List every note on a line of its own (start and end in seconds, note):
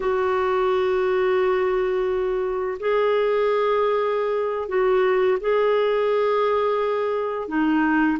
0.00 2.77 F#4
2.79 4.68 G#4
4.68 5.38 F#4
5.40 7.47 G#4
7.47 8.17 D#4